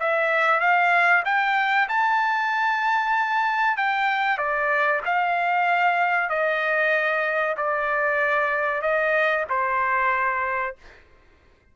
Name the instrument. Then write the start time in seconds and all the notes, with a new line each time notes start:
trumpet
0.00 E5
0.60 F5
1.25 G5
1.89 A5
3.77 G5
4.38 D5
5.05 F5
6.30 D#5
7.57 D5
8.82 D#5
9.49 C5